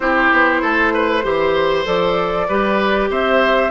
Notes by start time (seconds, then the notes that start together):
0.00 C4 E4 G4 C5
0.31 B3
0.61 A3 A4
0.93 B4
1.23 E3 G4 C5
1.84 F3 A4 D5
2.47 G3 G4 B4
3.09 C4 C5 E5